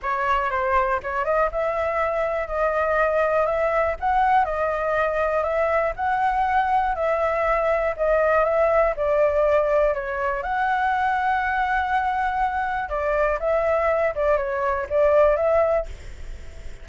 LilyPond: \new Staff \with { instrumentName = "flute" } { \time 4/4 \tempo 4 = 121 cis''4 c''4 cis''8 dis''8 e''4~ | e''4 dis''2 e''4 | fis''4 dis''2 e''4 | fis''2 e''2 |
dis''4 e''4 d''2 | cis''4 fis''2.~ | fis''2 d''4 e''4~ | e''8 d''8 cis''4 d''4 e''4 | }